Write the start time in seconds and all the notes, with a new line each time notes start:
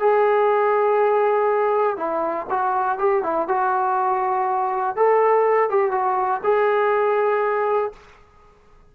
0.00 G#4
1.97 E4
2.50 F#4
2.99 G4
3.24 E4
3.49 F#4
4.97 A4
5.70 G4
5.92 F#4
6.44 G#4